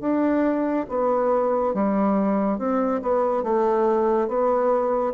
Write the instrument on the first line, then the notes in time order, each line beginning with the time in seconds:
bassoon
0.00 D4
0.88 B3
1.74 G3
2.58 C4
3.02 B3
3.43 A3
4.28 B3